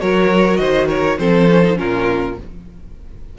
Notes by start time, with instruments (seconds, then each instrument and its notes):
0.00 cello F#3, viola F#4, violin A#4 C#5
0.57 cello D#3, violin C5 D#5
0.88 violin A#4 C#5
1.19 cello F3, viola C4, violin A4 C5
1.50 viola C#4
1.64 viola D#4
1.75 cello A#2, viola C#4, violin F4 A#4